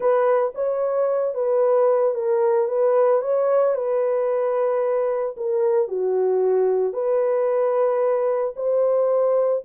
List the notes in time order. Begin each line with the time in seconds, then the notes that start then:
0.00 B4
0.55 C#5
1.34 B4
2.14 A#4
2.68 B4
3.21 C#5
3.75 B4
5.36 A#4
5.88 F#4
6.93 B4
8.55 C5